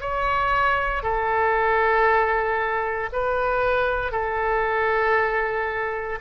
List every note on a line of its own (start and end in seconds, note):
0.00 1.03 C#5
1.03 3.09 A4
3.12 4.11 B4
4.11 6.18 A4